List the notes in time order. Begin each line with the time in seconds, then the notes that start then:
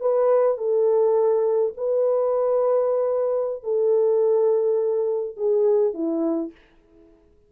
0.00 B4
0.57 A4
1.77 B4
3.63 A4
5.36 G#4
5.94 E4